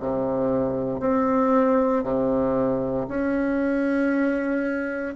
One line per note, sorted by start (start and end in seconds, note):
0.00 1.00 C3
1.00 2.04 C4
2.04 3.07 C3
3.08 5.15 C#4